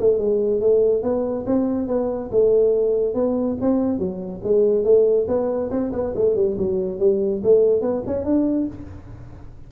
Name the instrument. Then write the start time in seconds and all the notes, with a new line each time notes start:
tuba
0.00 A3
0.19 G#3
0.61 A3
1.03 B3
1.47 C4
1.88 B3
2.32 A3
3.15 B3
3.62 C4
3.99 F#3
4.44 G#3
4.85 A3
5.28 B3
5.71 C4
5.93 B3
6.16 A3
6.36 G3
6.58 F#3
7.00 G3
7.44 A3
7.82 B3
8.07 C#4
8.25 D4